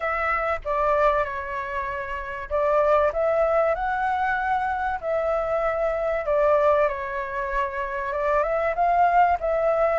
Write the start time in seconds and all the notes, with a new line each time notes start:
0.00 E5
0.64 D5
1.24 C#5
2.49 D5
3.12 E5
3.74 F#5
5.00 E5
6.25 D5
6.88 C#5
8.12 D5
8.43 E5
8.75 F5
9.40 E5